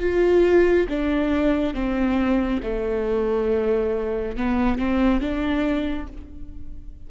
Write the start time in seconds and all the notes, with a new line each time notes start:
0.00 F4
0.89 D4
1.74 C4
2.63 A3
4.37 B3
4.78 C4
5.21 D4